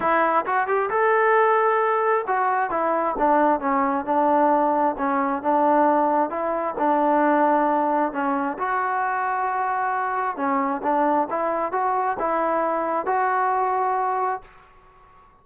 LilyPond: \new Staff \with { instrumentName = "trombone" } { \time 4/4 \tempo 4 = 133 e'4 fis'8 g'8 a'2~ | a'4 fis'4 e'4 d'4 | cis'4 d'2 cis'4 | d'2 e'4 d'4~ |
d'2 cis'4 fis'4~ | fis'2. cis'4 | d'4 e'4 fis'4 e'4~ | e'4 fis'2. | }